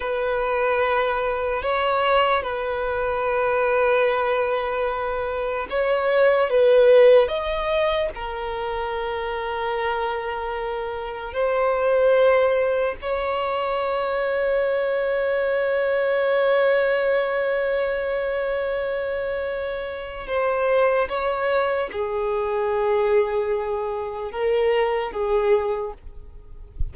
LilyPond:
\new Staff \with { instrumentName = "violin" } { \time 4/4 \tempo 4 = 74 b'2 cis''4 b'4~ | b'2. cis''4 | b'4 dis''4 ais'2~ | ais'2 c''2 |
cis''1~ | cis''1~ | cis''4 c''4 cis''4 gis'4~ | gis'2 ais'4 gis'4 | }